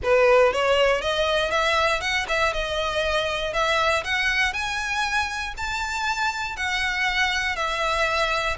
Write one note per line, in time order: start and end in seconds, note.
0.03 0.52 B4
0.52 1.01 C#5
1.01 1.50 D#5
1.50 2.01 E5
2.01 2.26 F#5
2.28 2.53 E5
2.53 3.53 D#5
3.53 4.03 E5
4.04 4.53 F#5
4.53 5.54 G#5
5.57 6.56 A5
6.56 7.56 F#5
7.56 8.56 E5